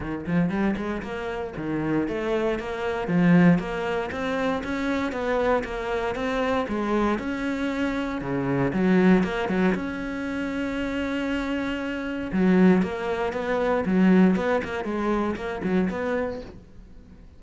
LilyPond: \new Staff \with { instrumentName = "cello" } { \time 4/4 \tempo 4 = 117 dis8 f8 g8 gis8 ais4 dis4 | a4 ais4 f4 ais4 | c'4 cis'4 b4 ais4 | c'4 gis4 cis'2 |
cis4 fis4 ais8 fis8 cis'4~ | cis'1 | fis4 ais4 b4 fis4 | b8 ais8 gis4 ais8 fis8 b4 | }